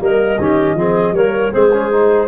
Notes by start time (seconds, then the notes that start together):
0.00 G3 A#3 A#4 D#5
0.39 D#3 C#4 G4
0.75 F3 C4 G#4
1.12 G3 A#3 A#4 C#5
1.52 G#3 C4 G#4 C5
1.72 C#4
1.91 D#4